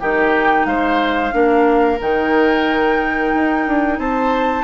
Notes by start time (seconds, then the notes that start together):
0.00 D#3 D#4 G4 G5
0.66 G#3 C5 F5
1.31 A#3 D4 A#4
2.01 D#3 D#4 G5
3.34 D#4
3.67 D4
3.98 C4 C5 A5